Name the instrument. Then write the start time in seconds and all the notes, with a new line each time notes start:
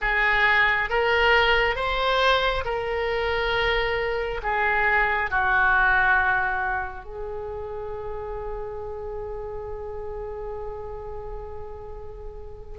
oboe
0.01 G#4
0.89 A#4
1.75 C5
2.65 A#4
4.42 G#4
5.30 F#4
7.04 G#4